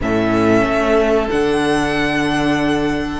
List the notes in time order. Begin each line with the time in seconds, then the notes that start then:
0.01 A2 C#4 A4 E5
0.63 A3
1.29 D3 D4 F#5